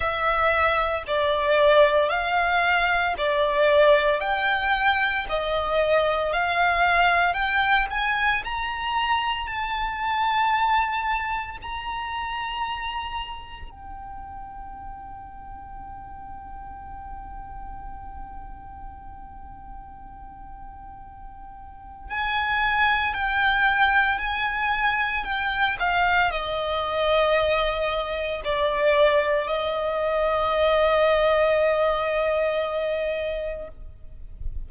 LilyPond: \new Staff \with { instrumentName = "violin" } { \time 4/4 \tempo 4 = 57 e''4 d''4 f''4 d''4 | g''4 dis''4 f''4 g''8 gis''8 | ais''4 a''2 ais''4~ | ais''4 g''2.~ |
g''1~ | g''4 gis''4 g''4 gis''4 | g''8 f''8 dis''2 d''4 | dis''1 | }